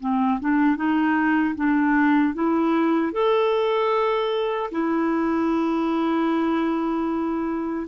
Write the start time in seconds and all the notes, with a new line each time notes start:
0.00 C4
0.40 D4
0.76 D#4
1.55 D4
2.34 E4
3.13 A4
4.71 E4